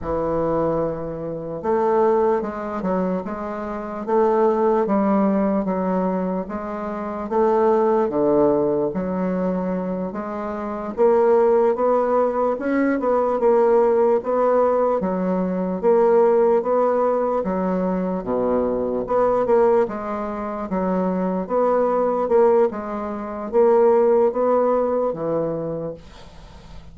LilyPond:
\new Staff \with { instrumentName = "bassoon" } { \time 4/4 \tempo 4 = 74 e2 a4 gis8 fis8 | gis4 a4 g4 fis4 | gis4 a4 d4 fis4~ | fis8 gis4 ais4 b4 cis'8 |
b8 ais4 b4 fis4 ais8~ | ais8 b4 fis4 b,4 b8 | ais8 gis4 fis4 b4 ais8 | gis4 ais4 b4 e4 | }